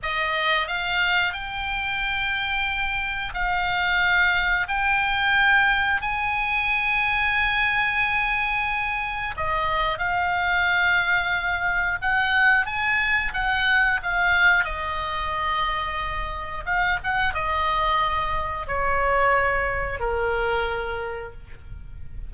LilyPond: \new Staff \with { instrumentName = "oboe" } { \time 4/4 \tempo 4 = 90 dis''4 f''4 g''2~ | g''4 f''2 g''4~ | g''4 gis''2.~ | gis''2 dis''4 f''4~ |
f''2 fis''4 gis''4 | fis''4 f''4 dis''2~ | dis''4 f''8 fis''8 dis''2 | cis''2 ais'2 | }